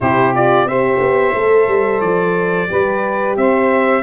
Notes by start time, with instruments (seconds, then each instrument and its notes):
0.00 tuba C3, horn E4, saxophone G4, trumpet C5
0.33 horn F4, trumpet D5
0.65 tuba C4, horn G4, saxophone C5, trumpet E5
0.99 tuba B3
1.34 tuba A3, horn A4
1.68 tuba G3
2.01 tuba F3, trumpet D5
2.68 tuba G3, horn G4, saxophone B4
3.36 tuba C4, saxophone C5, trumpet E5